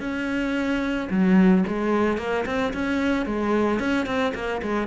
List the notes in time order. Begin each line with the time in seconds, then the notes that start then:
0.00 C#4
1.10 F#3
1.67 G#3
2.18 A#3
2.46 C4
2.73 C#4
3.25 G#3
3.79 C#4
4.06 C4
4.34 A#3
4.62 G#3